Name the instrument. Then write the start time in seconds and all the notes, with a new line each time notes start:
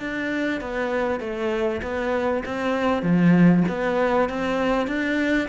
cello
0.00 D4
0.61 B3
1.21 A3
1.82 B3
2.45 C4
3.03 F3
3.69 B3
4.29 C4
4.87 D4